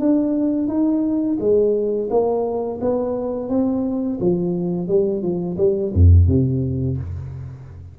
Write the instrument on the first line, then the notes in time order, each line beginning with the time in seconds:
tuba
0.00 D4
0.68 D#4
1.40 G#3
2.10 A#3
2.81 B3
3.49 C4
4.20 F3
4.88 G3
5.22 F3
5.58 G3
5.94 F2
6.28 C3